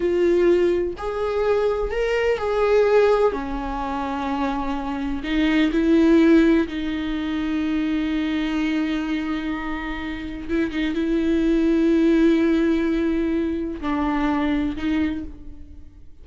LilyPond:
\new Staff \with { instrumentName = "viola" } { \time 4/4 \tempo 4 = 126 f'2 gis'2 | ais'4 gis'2 cis'4~ | cis'2. dis'4 | e'2 dis'2~ |
dis'1~ | dis'2 e'8 dis'8 e'4~ | e'1~ | e'4 d'2 dis'4 | }